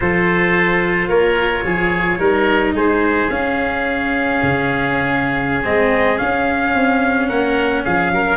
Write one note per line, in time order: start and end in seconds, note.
0.00 1.08 F3
0.00 2.19 F4
0.00 1.08 A4
0.00 1.08 C5
1.08 1.63 A#3
1.08 1.63 A#4
1.08 2.74 C#5
1.64 2.18 F3
1.64 2.19 G#4
2.18 2.73 G3
2.18 3.29 D#4
2.18 2.74 A#4
2.73 3.28 G#3
2.73 7.28 G#4
2.73 3.30 C5
3.30 4.40 C#4
3.30 5.64 C#4
3.30 5.64 F5
4.42 5.64 C#3
5.64 6.19 G#3
5.64 6.18 C4
5.64 6.18 D#5
6.18 8.37 C#4
6.18 6.74 C#4
6.18 7.28 F5
6.74 7.29 C4
7.28 7.84 A#3
7.28 7.83 A#4
7.28 7.83 F#5
7.84 8.11 F3
7.84 8.11 G#4
7.84 8.37 F5
8.11 8.37 F#3
8.11 8.37 A#4